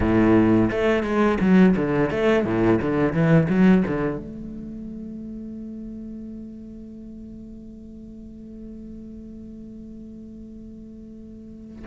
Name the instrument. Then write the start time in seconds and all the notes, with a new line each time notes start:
cello
0.00 A2
0.70 A3
1.03 G#3
1.40 F#3
1.76 D3
2.10 A3
2.44 A2
2.81 D3
3.12 E3
3.48 F#3
3.87 D3
4.17 A3